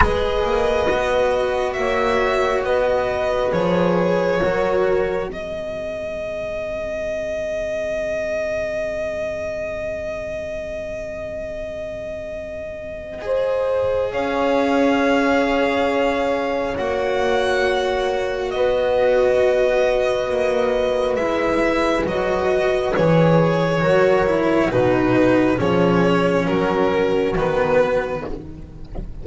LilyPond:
<<
  \new Staff \with { instrumentName = "violin" } { \time 4/4 \tempo 4 = 68 dis''2 e''4 dis''4 | cis''2 dis''2~ | dis''1~ | dis''1 |
f''2. fis''4~ | fis''4 dis''2. | e''4 dis''4 cis''2 | b'4 cis''4 ais'4 b'4 | }
  \new Staff \with { instrumentName = "horn" } { \time 4/4 b'2 cis''4 b'4~ | b'4 ais'4 gis'2~ | gis'1~ | gis'2. c''4 |
cis''1~ | cis''4 b'2.~ | b'2. ais'4 | fis'4 gis'4 fis'2 | }
  \new Staff \with { instrumentName = "cello" } { \time 4/4 gis'4 fis'2. | gis'4 fis'4 c'2~ | c'1~ | c'2. gis'4~ |
gis'2. fis'4~ | fis'1 | e'4 fis'4 gis'4 fis'8 e'8 | dis'4 cis'2 b4 | }
  \new Staff \with { instrumentName = "double bass" } { \time 4/4 gis8 ais8 b4 ais4 b4 | f4 fis4 gis2~ | gis1~ | gis1 |
cis'2. ais4~ | ais4 b2 ais4 | gis4 fis4 e4 fis4 | b,4 f4 fis4 dis4 | }
>>